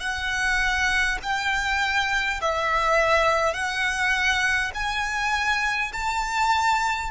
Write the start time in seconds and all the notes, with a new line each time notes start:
0.00 F#5
1.23 G5
2.42 E5
3.53 F#5
4.74 G#5
5.93 A5